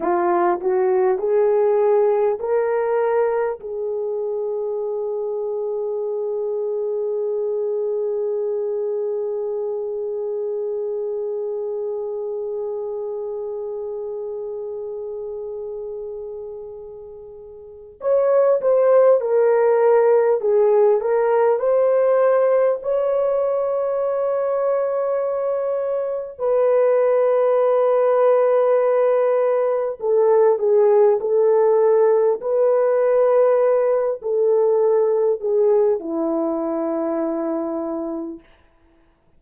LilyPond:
\new Staff \with { instrumentName = "horn" } { \time 4/4 \tempo 4 = 50 f'8 fis'8 gis'4 ais'4 gis'4~ | gis'1~ | gis'1~ | gis'2. cis''8 c''8 |
ais'4 gis'8 ais'8 c''4 cis''4~ | cis''2 b'2~ | b'4 a'8 gis'8 a'4 b'4~ | b'8 a'4 gis'8 e'2 | }